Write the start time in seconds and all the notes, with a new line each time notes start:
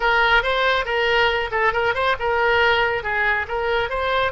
0.00 A#4
0.42 C5
0.85 A#4
1.51 A4
1.72 A#4
1.94 C5
2.19 A#4
3.03 G#4
3.48 A#4
3.89 C5